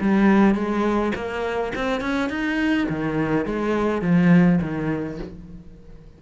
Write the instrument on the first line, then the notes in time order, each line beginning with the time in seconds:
cello
0.00 G3
0.54 G#3
1.15 A#3
1.75 C4
2.01 C#4
2.29 D#4
2.89 D#3
3.45 G#3
4.01 F3
4.61 D#3